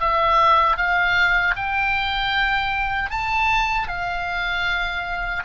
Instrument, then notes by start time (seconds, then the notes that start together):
oboe
0.00 E5
0.77 F5
1.56 G5
3.10 A5
3.88 F5